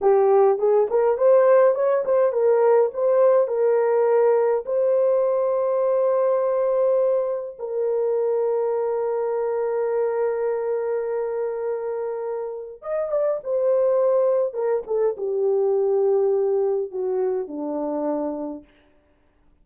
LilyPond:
\new Staff \with { instrumentName = "horn" } { \time 4/4 \tempo 4 = 103 g'4 gis'8 ais'8 c''4 cis''8 c''8 | ais'4 c''4 ais'2 | c''1~ | c''4 ais'2.~ |
ais'1~ | ais'2 dis''8 d''8 c''4~ | c''4 ais'8 a'8 g'2~ | g'4 fis'4 d'2 | }